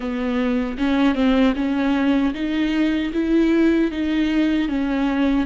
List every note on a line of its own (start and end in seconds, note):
0.00 0.77 B3
0.78 1.14 C#4
1.14 1.53 C4
1.55 2.33 C#4
2.34 3.12 D#4
3.13 3.91 E4
3.91 4.68 D#4
4.68 5.46 C#4